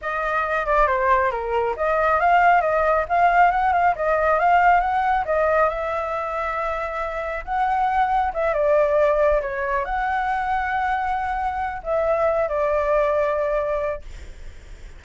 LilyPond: \new Staff \with { instrumentName = "flute" } { \time 4/4 \tempo 4 = 137 dis''4. d''8 c''4 ais'4 | dis''4 f''4 dis''4 f''4 | fis''8 f''8 dis''4 f''4 fis''4 | dis''4 e''2.~ |
e''4 fis''2 e''8 d''8~ | d''4. cis''4 fis''4.~ | fis''2. e''4~ | e''8 d''2.~ d''8 | }